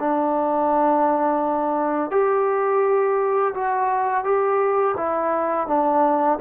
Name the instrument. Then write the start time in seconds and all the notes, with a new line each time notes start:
trombone
0.00 D4
2.11 G4
3.55 F#4
4.24 G4
4.97 E4
5.68 D4